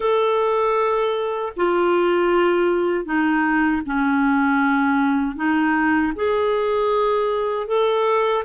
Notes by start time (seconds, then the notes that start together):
0.00 A4
1.56 F4
3.05 D#4
3.85 C#4
5.35 D#4
6.15 G#4
7.67 A4